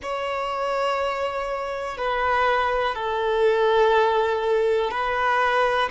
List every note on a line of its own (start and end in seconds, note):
0.02 1.97 C#5
1.97 2.95 B4
2.95 4.90 A4
4.90 5.89 B4